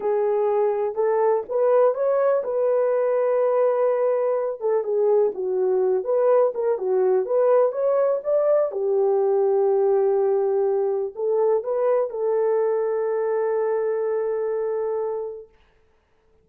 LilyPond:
\new Staff \with { instrumentName = "horn" } { \time 4/4 \tempo 4 = 124 gis'2 a'4 b'4 | cis''4 b'2.~ | b'4. a'8 gis'4 fis'4~ | fis'8 b'4 ais'8 fis'4 b'4 |
cis''4 d''4 g'2~ | g'2. a'4 | b'4 a'2.~ | a'1 | }